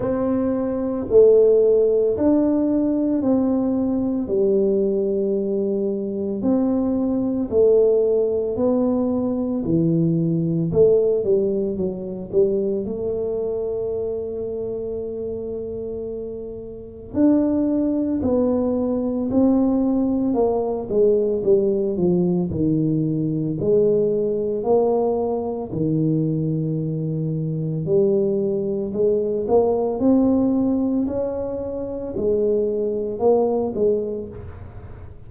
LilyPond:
\new Staff \with { instrumentName = "tuba" } { \time 4/4 \tempo 4 = 56 c'4 a4 d'4 c'4 | g2 c'4 a4 | b4 e4 a8 g8 fis8 g8 | a1 |
d'4 b4 c'4 ais8 gis8 | g8 f8 dis4 gis4 ais4 | dis2 g4 gis8 ais8 | c'4 cis'4 gis4 ais8 gis8 | }